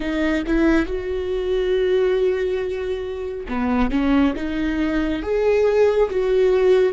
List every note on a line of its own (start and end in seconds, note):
0.00 0.43 D#4
0.47 0.86 E4
0.86 3.47 F#4
3.48 3.90 B3
3.90 4.34 C#4
4.35 5.22 D#4
5.22 6.09 G#4
6.09 6.93 F#4